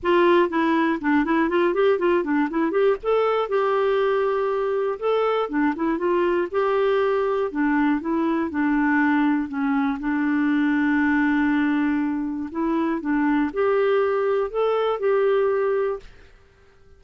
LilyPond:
\new Staff \with { instrumentName = "clarinet" } { \time 4/4 \tempo 4 = 120 f'4 e'4 d'8 e'8 f'8 g'8 | f'8 d'8 e'8 g'8 a'4 g'4~ | g'2 a'4 d'8 e'8 | f'4 g'2 d'4 |
e'4 d'2 cis'4 | d'1~ | d'4 e'4 d'4 g'4~ | g'4 a'4 g'2 | }